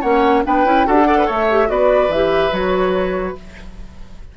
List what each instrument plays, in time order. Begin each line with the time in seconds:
0.00 bassoon A#3, clarinet C#4, oboe C#5, flute F#5
0.44 bassoon B3, clarinet D4, oboe B4, flute G5
0.65 bassoon C#4, clarinet E4
0.86 bassoon D4, clarinet F#4, oboe A4, flute F#5
0.93 clarinet G4
1.05 clarinet A4, oboe D5
1.17 oboe B4
1.25 bassoon A3, oboe C#5, flute E5
1.50 clarinet G4
1.66 bassoon B3, clarinet F#4, oboe B4, flute D5
2.08 bassoon E3, clarinet G4, flute E5
2.51 bassoon F#3, clarinet F#4, flute C#5